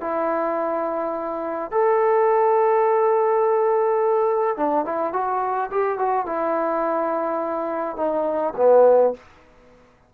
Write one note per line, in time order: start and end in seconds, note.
0.00 1.71 E4
1.71 4.57 A4
4.57 4.85 D4
4.85 5.12 E4
5.12 5.70 F#4
5.71 5.98 G4
5.98 6.26 F#4
6.26 7.96 E4
7.96 8.54 D#4
8.56 9.14 B3